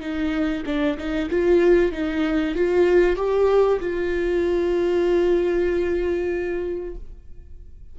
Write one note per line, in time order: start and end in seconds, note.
0.00 0.63 D#4
0.66 0.97 D4
0.98 1.29 D#4
1.29 1.91 F4
1.91 2.55 D#4
2.55 3.16 F4
3.16 3.79 G4
3.79 6.95 F4